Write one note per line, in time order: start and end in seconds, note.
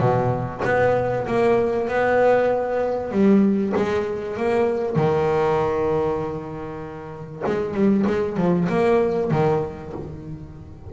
0.00 0.62 B2
0.64 1.26 B3
1.27 1.88 A#3
1.88 3.11 B3
3.11 3.73 G3
3.76 4.37 G#3
4.37 4.95 A#3
4.95 7.43 D#3
7.46 7.74 G#3
7.74 8.05 G3
8.07 8.36 G#3
8.36 8.67 F3
8.69 9.31 A#3
9.31 9.93 D#3